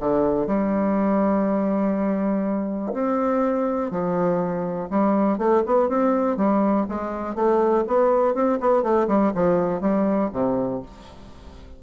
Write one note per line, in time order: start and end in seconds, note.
0.00 0.47 D3
0.47 2.93 G3
2.93 3.91 C4
3.91 4.89 F3
4.90 5.38 G3
5.38 5.63 A3
5.66 5.89 B3
5.89 6.37 C4
6.37 6.86 G3
6.89 7.35 G#3
7.35 7.84 A3
7.87 8.34 B3
8.34 8.59 C4
8.60 8.83 B3
8.83 9.07 A3
9.08 9.32 G3
9.34 9.81 F3
9.81 10.30 G3
10.33 10.82 C3